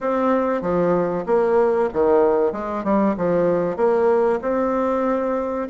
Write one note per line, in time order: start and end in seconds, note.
0.00 0.61 C4
0.61 1.24 F3
1.26 1.89 A#3
1.93 2.52 D#3
2.52 2.83 G#3
2.83 3.15 G3
3.17 3.76 F3
3.76 4.39 A#3
4.41 5.68 C4